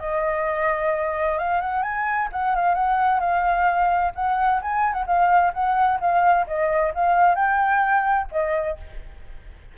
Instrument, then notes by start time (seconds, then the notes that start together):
flute
0.00 D#5
1.38 F5
1.61 F#5
1.83 G#5
2.33 F#5
2.56 F5
2.75 F#5
3.20 F5
4.15 F#5
4.62 G#5
4.93 F#5
5.07 F5
5.54 F#5
6.00 F5
6.47 D#5
6.95 F5
7.36 G5
8.32 D#5